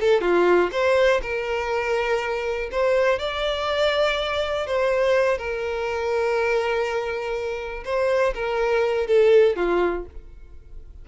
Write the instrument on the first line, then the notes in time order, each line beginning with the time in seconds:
violin
0.00 A4
0.21 F4
0.72 C5
1.22 A#4
2.71 C5
3.19 D5
4.66 C5
5.37 A#4
7.84 C5
8.34 A#4
9.07 A4
9.56 F4